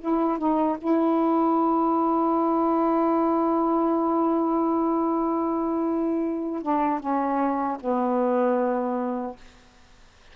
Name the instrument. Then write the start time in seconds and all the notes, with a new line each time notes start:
saxophone
0.00 E4
0.38 D#4
0.78 E4
6.62 D4
7.00 C#4
7.80 B3